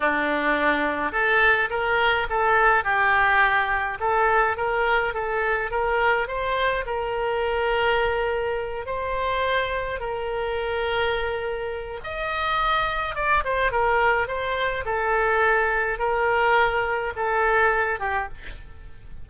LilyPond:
\new Staff \with { instrumentName = "oboe" } { \time 4/4 \tempo 4 = 105 d'2 a'4 ais'4 | a'4 g'2 a'4 | ais'4 a'4 ais'4 c''4 | ais'2.~ ais'8 c''8~ |
c''4. ais'2~ ais'8~ | ais'4 dis''2 d''8 c''8 | ais'4 c''4 a'2 | ais'2 a'4. g'8 | }